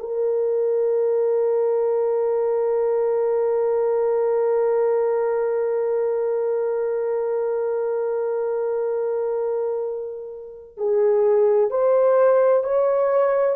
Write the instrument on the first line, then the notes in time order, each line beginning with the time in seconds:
horn
0.00 A#4
10.78 G#4
11.71 C5
12.64 C#5